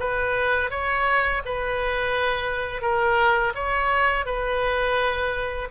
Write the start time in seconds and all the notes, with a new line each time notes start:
0.00 B4
0.71 C#5
1.45 B4
2.82 A#4
3.55 C#5
4.26 B4